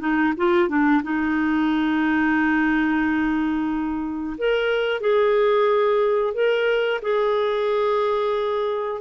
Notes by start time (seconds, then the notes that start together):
0.00 D#4
0.37 F4
0.68 D4
1.03 D#4
4.38 A#4
5.01 G#4
6.34 A#4
7.02 G#4